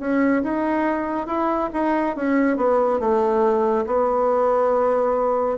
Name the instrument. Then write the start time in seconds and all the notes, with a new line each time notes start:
bassoon
0.00 C#4
0.44 D#4
1.27 E4
1.73 D#4
2.16 C#4
2.58 B3
3.00 A3
3.87 B3